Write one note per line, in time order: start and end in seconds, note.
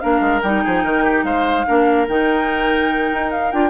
0.00 0.21 A#3
0.00 0.42 D4
0.00 0.64 A#4
0.00 0.41 F5
0.21 0.41 G#3
0.43 0.64 G3
0.43 1.67 D#4
0.43 1.25 G5
0.64 0.84 F3
0.64 0.84 G#4
0.84 1.24 D#3
0.84 1.04 A#4
1.04 1.24 G4
1.24 1.65 G#3
1.24 1.67 C5
1.24 2.07 F5
1.67 2.09 A#3
1.67 2.08 D4
1.67 3.70 A#4
2.08 3.11 D#3
2.08 3.52 D#4
2.08 3.31 G5
3.13 3.53 D#4
3.31 3.52 F5
3.52 3.70 D4
3.52 3.70 F4
3.52 3.70 G5